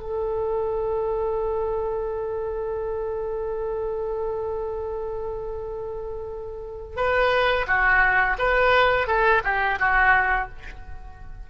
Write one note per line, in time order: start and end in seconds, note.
0.00 6.96 A4
6.96 7.66 B4
7.67 8.37 F#4
8.38 9.08 B4
9.08 9.42 A4
9.44 9.79 G4
9.79 10.49 F#4